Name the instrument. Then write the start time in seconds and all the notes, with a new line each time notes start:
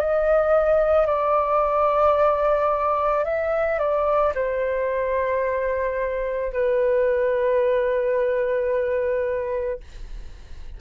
flute
0.00 D#5
1.07 D5
3.25 E5
3.79 D5
4.35 C5
6.54 B4